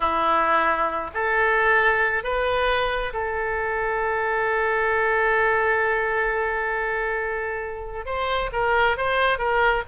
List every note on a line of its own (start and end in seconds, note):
0.00 1.11 E4
1.14 2.23 A4
2.23 3.13 B4
3.13 8.05 A4
8.05 8.50 C5
8.52 8.97 A#4
8.97 9.38 C5
9.38 9.83 A#4